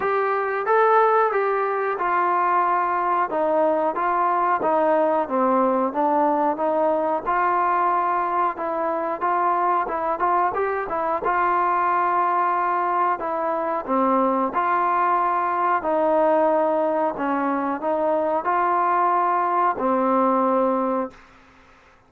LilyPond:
\new Staff \with { instrumentName = "trombone" } { \time 4/4 \tempo 4 = 91 g'4 a'4 g'4 f'4~ | f'4 dis'4 f'4 dis'4 | c'4 d'4 dis'4 f'4~ | f'4 e'4 f'4 e'8 f'8 |
g'8 e'8 f'2. | e'4 c'4 f'2 | dis'2 cis'4 dis'4 | f'2 c'2 | }